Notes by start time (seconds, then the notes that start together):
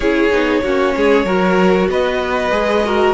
0.00 C#4 E4 G#4 C#5
0.31 B3 D#4
0.63 A#3 C#4 F#4
0.95 G#3 G#4
1.24 F#3 F#4 A#4
1.88 B3 B4 D#5
2.51 G#3 G#4
2.84 F#4 A#4